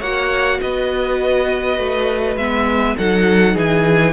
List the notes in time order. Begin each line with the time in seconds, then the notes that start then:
0.00 A#3 F#4 C#5 F#5
0.61 B3 B4 D#5
1.79 A3
2.37 G#3 B3 E5
2.98 F#3 D#4 A4 F#5
3.55 E3 G#4 G#5